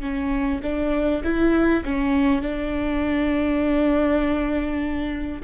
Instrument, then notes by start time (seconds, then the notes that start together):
viola
0.00 C#4
0.63 D4
1.23 E4
1.84 C#4
2.42 D4